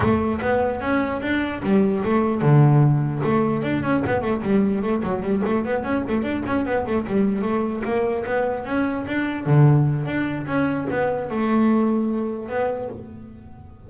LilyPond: \new Staff \with { instrumentName = "double bass" } { \time 4/4 \tempo 4 = 149 a4 b4 cis'4 d'4 | g4 a4 d2 | a4 d'8 cis'8 b8 a8 g4 | a8 fis8 g8 a8 b8 cis'8 a8 d'8 |
cis'8 b8 a8 g4 a4 ais8~ | ais8 b4 cis'4 d'4 d8~ | d4 d'4 cis'4 b4 | a2. b4 | }